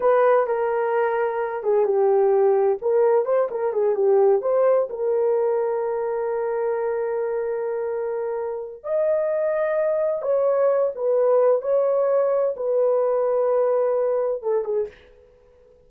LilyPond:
\new Staff \with { instrumentName = "horn" } { \time 4/4 \tempo 4 = 129 b'4 ais'2~ ais'8 gis'8 | g'2 ais'4 c''8 ais'8 | gis'8 g'4 c''4 ais'4.~ | ais'1~ |
ais'2. dis''4~ | dis''2 cis''4. b'8~ | b'4 cis''2 b'4~ | b'2. a'8 gis'8 | }